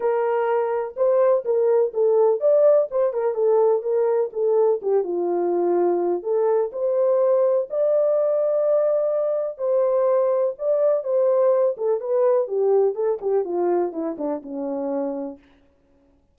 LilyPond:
\new Staff \with { instrumentName = "horn" } { \time 4/4 \tempo 4 = 125 ais'2 c''4 ais'4 | a'4 d''4 c''8 ais'8 a'4 | ais'4 a'4 g'8 f'4.~ | f'4 a'4 c''2 |
d''1 | c''2 d''4 c''4~ | c''8 a'8 b'4 g'4 a'8 g'8 | f'4 e'8 d'8 cis'2 | }